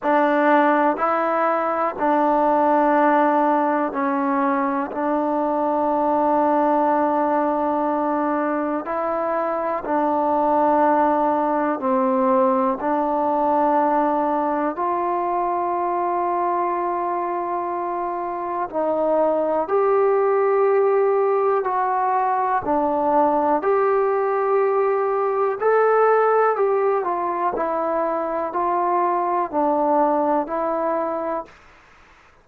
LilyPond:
\new Staff \with { instrumentName = "trombone" } { \time 4/4 \tempo 4 = 61 d'4 e'4 d'2 | cis'4 d'2.~ | d'4 e'4 d'2 | c'4 d'2 f'4~ |
f'2. dis'4 | g'2 fis'4 d'4 | g'2 a'4 g'8 f'8 | e'4 f'4 d'4 e'4 | }